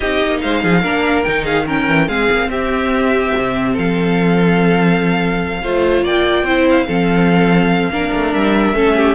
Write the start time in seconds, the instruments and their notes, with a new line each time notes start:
0.00 cello C4, viola D#4, violin G4 D#5
0.25 cello A#3
0.41 cello G#3, violin C5 F5
0.62 cello F3, violin G#4
0.82 cello A#3, viola D4, violin A#4
1.23 cello D#3, viola D#4, violin G5
1.44 violin G#4 F5
1.66 viola C#4, violin A#4 G5
1.87 cello E3
2.07 cello G#3, viola C4, violin G#4 F5
2.31 cello A#3
2.47 cello C4, violin G4 E5
3.37 cello C3
3.73 cello F3, violin A4 F5
5.62 cello A3, viola F4, violin C5
6.02 cello A#3, violin D5 G5
6.42 cello C4, viola E4, violin C5
6.70 violin F5
6.87 cello F3, viola C4, violin A4
7.90 cello A#3, viola D4, violin A#4
8.13 cello A3
8.33 cello G3, violin E5
8.73 cello A3, viola C#4, violin A4
8.96 violin G4